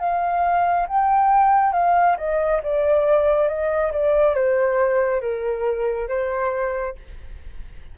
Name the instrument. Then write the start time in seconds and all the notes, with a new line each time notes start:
flute
0.00 F5
0.88 G5
1.73 F5
2.18 D#5
2.63 D5
3.49 D#5
3.92 D5
4.35 C5
5.22 A#4
6.09 C5